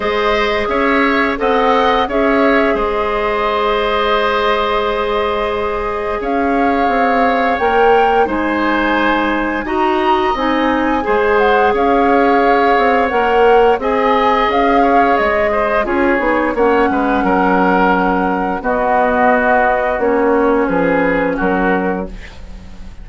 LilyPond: <<
  \new Staff \with { instrumentName = "flute" } { \time 4/4 \tempo 4 = 87 dis''4 e''4 fis''4 e''4 | dis''1~ | dis''4 f''2 g''4 | gis''2 ais''4 gis''4~ |
gis''8 fis''8 f''2 fis''4 | gis''4 f''4 dis''4 cis''4 | fis''2. dis''4~ | dis''4 cis''4 b'4 ais'4 | }
  \new Staff \with { instrumentName = "oboe" } { \time 4/4 c''4 cis''4 dis''4 cis''4 | c''1~ | c''4 cis''2. | c''2 dis''2 |
c''4 cis''2. | dis''4. cis''4 c''8 gis'4 | cis''8 b'8 ais'2 fis'4~ | fis'2 gis'4 fis'4 | }
  \new Staff \with { instrumentName = "clarinet" } { \time 4/4 gis'2 a'4 gis'4~ | gis'1~ | gis'2. ais'4 | dis'2 fis'4 dis'4 |
gis'2. ais'4 | gis'2. f'8 dis'8 | cis'2. b4~ | b4 cis'2. | }
  \new Staff \with { instrumentName = "bassoon" } { \time 4/4 gis4 cis'4 c'4 cis'4 | gis1~ | gis4 cis'4 c'4 ais4 | gis2 dis'4 c'4 |
gis4 cis'4. c'8 ais4 | c'4 cis'4 gis4 cis'8 b8 | ais8 gis8 fis2 b4~ | b4 ais4 f4 fis4 | }
>>